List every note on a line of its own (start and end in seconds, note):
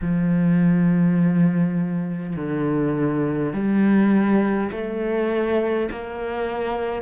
0.01 2.36 F3
2.36 3.53 D3
3.53 4.71 G3
4.71 5.89 A3
5.91 7.02 A#3